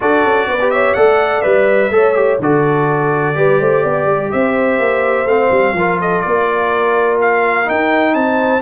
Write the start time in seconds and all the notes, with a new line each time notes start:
0.00 D4 F#4 A4 D5
0.24 C#4
0.47 B3 B4
0.60 G4
0.70 C#5 E5
0.94 A3 A4 D5 F#5
1.41 G3 B4 E5
1.90 A3 A4 C#5
2.14 G4
2.39 D3 F#4 A4 D5
3.35 G3 G4 B4
3.60 A3 C5
3.82 B3 D5
4.06 G3
4.31 C4 C5 E5
4.79 A#3
5.25 A3 C4 F5
5.51 G3
5.73 F3 F4 A#4
5.99 A4 D#5
6.21 A#3 A#4 D5
7.21 F5
7.64 D#4 G5
7.70 D#4
8.14 C4 C5 A5